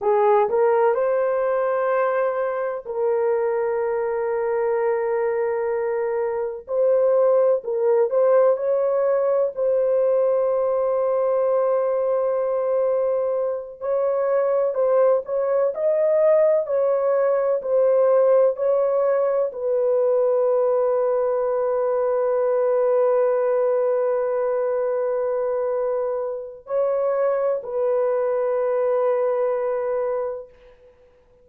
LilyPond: \new Staff \with { instrumentName = "horn" } { \time 4/4 \tempo 4 = 63 gis'8 ais'8 c''2 ais'4~ | ais'2. c''4 | ais'8 c''8 cis''4 c''2~ | c''2~ c''8 cis''4 c''8 |
cis''8 dis''4 cis''4 c''4 cis''8~ | cis''8 b'2.~ b'8~ | b'1 | cis''4 b'2. | }